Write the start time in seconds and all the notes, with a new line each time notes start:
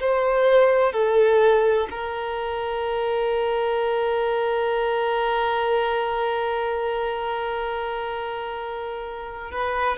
0.00 C5
0.92 A4
1.90 A#4
9.51 B4